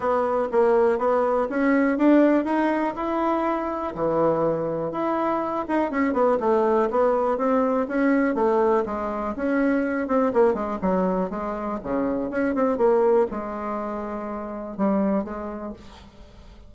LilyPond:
\new Staff \with { instrumentName = "bassoon" } { \time 4/4 \tempo 4 = 122 b4 ais4 b4 cis'4 | d'4 dis'4 e'2 | e2 e'4. dis'8 | cis'8 b8 a4 b4 c'4 |
cis'4 a4 gis4 cis'4~ | cis'8 c'8 ais8 gis8 fis4 gis4 | cis4 cis'8 c'8 ais4 gis4~ | gis2 g4 gis4 | }